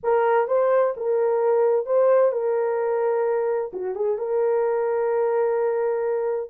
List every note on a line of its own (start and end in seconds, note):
0.03 0.47 A#4
0.47 0.94 C5
0.96 1.86 A#4
1.86 2.32 C5
2.32 3.71 A#4
3.73 3.95 F#4
3.95 4.18 G#4
4.18 6.50 A#4